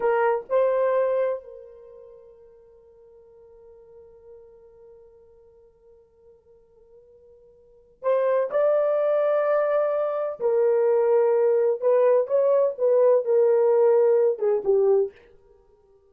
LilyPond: \new Staff \with { instrumentName = "horn" } { \time 4/4 \tempo 4 = 127 ais'4 c''2 ais'4~ | ais'1~ | ais'1~ | ais'1~ |
ais'4 c''4 d''2~ | d''2 ais'2~ | ais'4 b'4 cis''4 b'4 | ais'2~ ais'8 gis'8 g'4 | }